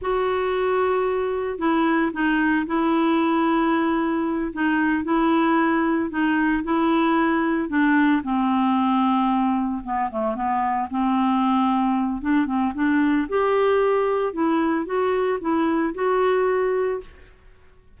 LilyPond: \new Staff \with { instrumentName = "clarinet" } { \time 4/4 \tempo 4 = 113 fis'2. e'4 | dis'4 e'2.~ | e'8 dis'4 e'2 dis'8~ | dis'8 e'2 d'4 c'8~ |
c'2~ c'8 b8 a8 b8~ | b8 c'2~ c'8 d'8 c'8 | d'4 g'2 e'4 | fis'4 e'4 fis'2 | }